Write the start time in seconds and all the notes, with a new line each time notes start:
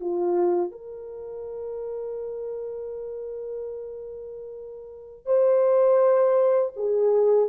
0.00 F4
0.71 A#4
5.26 C5
6.76 G#4